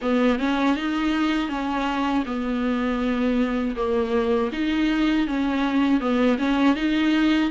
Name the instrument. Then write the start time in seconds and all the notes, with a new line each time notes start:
viola
0.01 B3
0.39 C#4
0.75 D#4
1.48 C#4
2.25 B3
3.75 A#3
4.52 D#4
5.27 C#4
6.00 B3
6.38 C#4
6.75 D#4